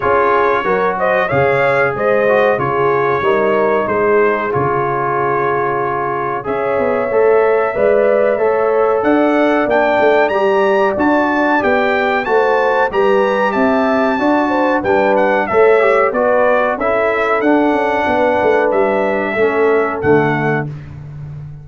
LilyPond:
<<
  \new Staff \with { instrumentName = "trumpet" } { \time 4/4 \tempo 4 = 93 cis''4. dis''8 f''4 dis''4 | cis''2 c''4 cis''4~ | cis''2 e''2~ | e''2 fis''4 g''4 |
ais''4 a''4 g''4 a''4 | ais''4 a''2 g''8 fis''8 | e''4 d''4 e''4 fis''4~ | fis''4 e''2 fis''4 | }
  \new Staff \with { instrumentName = "horn" } { \time 4/4 gis'4 ais'8 c''8 cis''4 c''4 | gis'4 ais'4 gis'2~ | gis'2 cis''2 | d''4 cis''4 d''2~ |
d''2. c''4 | b'4 e''4 d''8 c''8 b'4 | cis''4 b'4 a'2 | b'2 a'2 | }
  \new Staff \with { instrumentName = "trombone" } { \time 4/4 f'4 fis'4 gis'4. fis'8 | f'4 dis'2 f'4~ | f'2 gis'4 a'4 | b'4 a'2 d'4 |
g'4 fis'4 g'4 fis'4 | g'2 fis'4 d'4 | a'8 g'8 fis'4 e'4 d'4~ | d'2 cis'4 a4 | }
  \new Staff \with { instrumentName = "tuba" } { \time 4/4 cis'4 fis4 cis4 gis4 | cis4 g4 gis4 cis4~ | cis2 cis'8 b8 a4 | gis4 a4 d'4 ais8 a8 |
g4 d'4 b4 a4 | g4 c'4 d'4 g4 | a4 b4 cis'4 d'8 cis'8 | b8 a8 g4 a4 d4 | }
>>